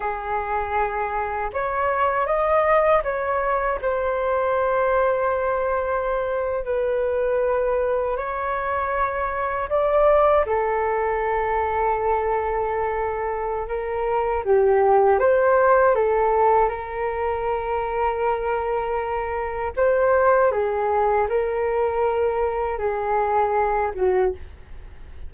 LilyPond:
\new Staff \with { instrumentName = "flute" } { \time 4/4 \tempo 4 = 79 gis'2 cis''4 dis''4 | cis''4 c''2.~ | c''8. b'2 cis''4~ cis''16~ | cis''8. d''4 a'2~ a'16~ |
a'2 ais'4 g'4 | c''4 a'4 ais'2~ | ais'2 c''4 gis'4 | ais'2 gis'4. fis'8 | }